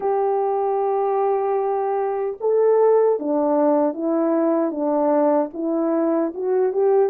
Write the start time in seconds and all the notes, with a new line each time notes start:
0.00 G4
2.40 A4
3.19 D4
3.93 E4
4.71 D4
5.53 E4
6.34 F#4
6.72 G4